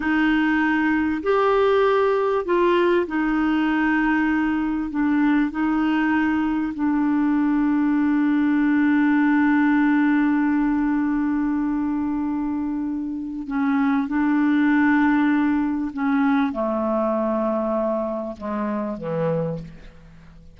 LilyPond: \new Staff \with { instrumentName = "clarinet" } { \time 4/4 \tempo 4 = 98 dis'2 g'2 | f'4 dis'2. | d'4 dis'2 d'4~ | d'1~ |
d'1~ | d'2 cis'4 d'4~ | d'2 cis'4 a4~ | a2 gis4 e4 | }